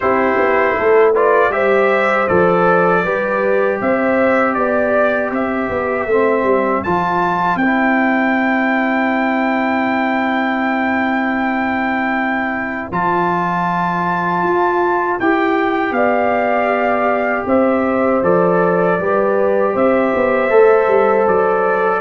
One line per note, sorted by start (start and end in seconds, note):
0.00 0.37 C4
0.00 1.14 E4
0.00 0.76 G4
0.00 1.13 C5
0.37 0.75 B3
0.77 1.50 A3
0.77 1.12 A4
1.12 1.51 F4
1.12 1.50 B4
1.12 1.52 D5
1.50 2.26 G3
1.50 2.27 G4
1.50 3.03 C5
1.50 2.27 E5
2.27 3.04 F3
2.27 3.03 A4
2.27 3.79 D5
3.03 3.80 G3
3.03 6.08 G4
3.03 3.79 B4
3.81 4.56 C4
3.81 4.56 C5
3.81 4.54 E5
4.54 5.31 B3
4.54 5.30 D5
4.54 5.31 D5
5.31 5.69 C4
5.31 15.95 C5
5.31 6.83 E5
5.69 6.06 B3
6.06 6.43 A3
6.06 6.84 C4
6.43 6.81 G3
6.83 7.55 F3
6.83 7.60 F4
6.83 7.57 A5
7.55 12.87 C4
7.55 12.92 E4
7.55 12.88 G5
12.91 14.42 F3
12.91 15.19 F4
12.91 15.19 A5
14.42 15.18 F4
15.19 15.91 E4
15.19 18.23 G4
15.19 15.93 G5
15.91 17.43 B3
15.91 17.47 D5
15.91 17.45 F5
17.46 18.22 C4
17.46 18.99 C5
17.46 18.24 E5
18.22 18.98 F3
18.22 18.99 A4
18.22 19.76 D5
18.98 19.74 G3
18.98 20.50 G4
18.98 19.72 B4
19.72 20.13 C4
19.72 22.00 C5
19.72 21.27 E5
20.14 20.50 B3
20.50 20.87 A3
20.50 22.00 A4
20.87 21.25 G3
21.27 22.00 F#3
21.27 22.00 D5